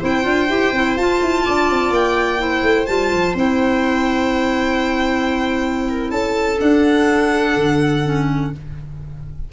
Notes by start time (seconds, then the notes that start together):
0.00 C4 E4 C5 G5
0.23 D4 F4
0.49 E4 G4
0.72 C4 E4
0.97 F4 A5
1.22 E4
1.46 D4 D5
1.71 C4
1.91 A#3 G5
2.39 E4 C5
2.63 A3
2.87 G3 F4 A5
3.13 F3
3.35 C4 E4 G5
5.89 A#4
6.11 C#4 A4 A5
6.58 D4 F#5
7.56 D3
8.04 C#4